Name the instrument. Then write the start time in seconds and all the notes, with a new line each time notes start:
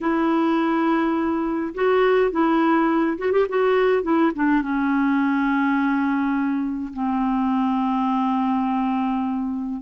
clarinet
0.00 E4
1.74 F#4
2.31 E4
3.18 F#4
3.31 G4
3.48 F#4
4.02 E4
4.35 D4
4.62 C#4
6.93 C4